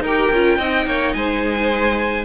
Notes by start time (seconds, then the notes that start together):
0.00 D#4 A#4 G5
0.08 G4
0.32 C#4 F4
0.58 C4 D#4 D#5
0.86 A#3 C#5
1.14 G#3 C5 G#5